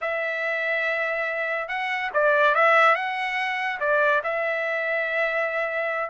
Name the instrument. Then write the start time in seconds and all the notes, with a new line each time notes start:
trumpet
0.01 E5
1.68 F#5
2.13 D5
2.55 E5
2.95 F#5
3.79 D5
4.23 E5